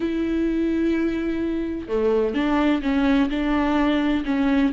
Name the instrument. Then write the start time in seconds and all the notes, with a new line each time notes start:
viola
0.00 E4
1.87 A3
2.34 D4
2.82 C#4
3.29 D4
4.25 C#4